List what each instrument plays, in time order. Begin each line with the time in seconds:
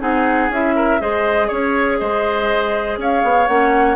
0.00 bassoon C4, clarinet D#4, oboe G#4, flute F#5
0.49 bassoon C#4, clarinet E4, flute E5
0.75 oboe A#4
1.00 bassoon G#3, clarinet G#4, oboe C5, flute D#5
1.48 bassoon C#4, oboe C#5, flute C#5
1.99 bassoon G#3, oboe C5, flute D#5
2.98 bassoon C#4, oboe C#5, flute F5
3.23 bassoon B3
3.48 bassoon A#3, clarinet C#4, flute F#5